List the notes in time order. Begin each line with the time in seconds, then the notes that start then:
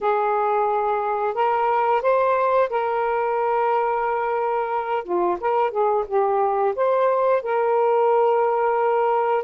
0.01 G#4
1.34 A#4
2.01 C5
2.69 A#4
5.04 F4
5.40 A#4
5.71 G#4
6.07 G4
6.75 C5
7.42 A#4